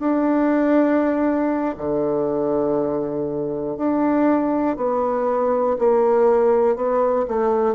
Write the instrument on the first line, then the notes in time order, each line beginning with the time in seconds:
bassoon
0.00 D4
1.77 D3
3.77 D4
4.76 B3
5.79 A#3
6.76 B3
7.28 A3